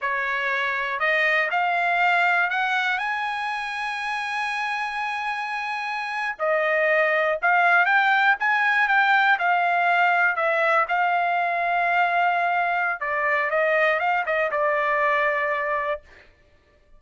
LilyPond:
\new Staff \with { instrumentName = "trumpet" } { \time 4/4 \tempo 4 = 120 cis''2 dis''4 f''4~ | f''4 fis''4 gis''2~ | gis''1~ | gis''8. dis''2 f''4 g''16~ |
g''8. gis''4 g''4 f''4~ f''16~ | f''8. e''4 f''2~ f''16~ | f''2 d''4 dis''4 | f''8 dis''8 d''2. | }